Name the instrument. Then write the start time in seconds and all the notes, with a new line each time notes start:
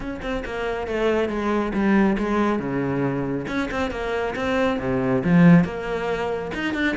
cello
0.00 C#4
0.22 C4
0.45 A#3
0.87 A3
1.28 G#3
1.73 G3
2.18 G#3
2.59 C#3
3.47 C#4
3.71 C4
3.90 A#3
4.35 C4
4.79 C3
5.24 F3
5.64 A#3
6.54 D#4
6.74 D4